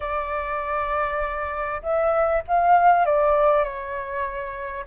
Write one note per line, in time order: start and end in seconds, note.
0.00 1.81 D5
1.82 2.42 E5
2.47 3.05 F5
3.05 3.64 D5
3.64 4.85 C#5